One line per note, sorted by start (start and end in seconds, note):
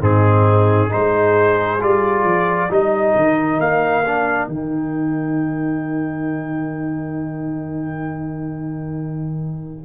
0.00 0.90 G#2
0.00 0.89 C4
0.00 0.90 D#4
0.00 0.92 G#4
0.89 1.82 G#3
0.89 1.79 D#4
0.89 2.70 G#4
0.89 1.82 C5
1.80 2.24 G3
1.80 2.70 F4
1.80 2.72 D5
2.24 2.69 F3
2.70 3.14 G3
2.70 4.04 D#4
2.70 9.85 A#4
2.70 3.60 D#5
3.16 3.59 D#3
3.59 4.48 A#3
3.59 4.48 F5
4.04 4.49 D4
4.48 9.85 D#3
4.48 9.85 D#4
4.48 9.85 G5